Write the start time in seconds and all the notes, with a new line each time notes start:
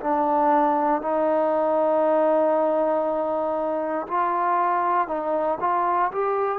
0.00 D4
1.01 D#4
4.07 F4
5.07 D#4
5.60 F4
6.11 G4